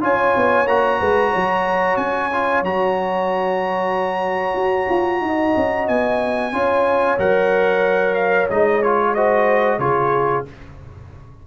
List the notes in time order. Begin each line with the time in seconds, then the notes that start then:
0.00 C#4 F4 C#5 G#5
0.36 B3
0.66 A#3 F#4 A#5
0.99 G#3 B4
1.31 F#3 C#5
1.96 C#4 G#5
2.32 F4
2.62 F#3 F#4 A#5
4.54 F#4
4.89 F4
5.21 D#4 D#5
5.56 C#4
5.87 B3 G#5
6.52 C#4 F4 C#5
7.18 F#3 A#4 F#5
8.14 F5
8.50 G#3 D#4 D#5
8.82 F4 C#5
9.14 F#4 C5 D#5
9.78 C#3 F4 G#4 C#5